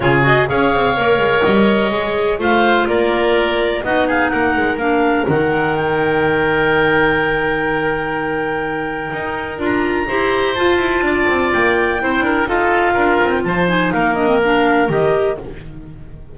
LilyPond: <<
  \new Staff \with { instrumentName = "clarinet" } { \time 4/4 \tempo 4 = 125 cis''8 dis''8 f''2 dis''4~ | dis''4 f''4 d''2 | dis''8 f''8 fis''4 f''4 fis''4 | g''1~ |
g''1 | ais''2 a''2 | g''2 f''4.~ f''16 g''16 | a''8 gis''8 f''8 dis''8 f''4 dis''4 | }
  \new Staff \with { instrumentName = "oboe" } { \time 4/4 gis'4 cis''2.~ | cis''4 c''4 ais'2 | fis'8 gis'8 ais'2.~ | ais'1~ |
ais'1~ | ais'4 c''2 d''4~ | d''4 c''8 ais'8 a'4 ais'4 | c''4 ais'2. | }
  \new Staff \with { instrumentName = "clarinet" } { \time 4/4 f'8 fis'8 gis'4 ais'2 | gis'4 f'2. | dis'2 d'4 dis'4~ | dis'1~ |
dis'1 | f'4 g'4 f'2~ | f'4 e'4 f'2~ | f'8 dis'4 d'16 c'16 d'4 g'4 | }
  \new Staff \with { instrumentName = "double bass" } { \time 4/4 cis4 cis'8 c'8 ais8 gis8 g4 | gis4 a4 ais2 | b4 ais8 gis8 ais4 dis4~ | dis1~ |
dis2. dis'4 | d'4 e'4 f'8 e'8 d'8 c'8 | ais4 c'8 d'8 dis'4 d'8 c'8 | f4 ais2 dis4 | }
>>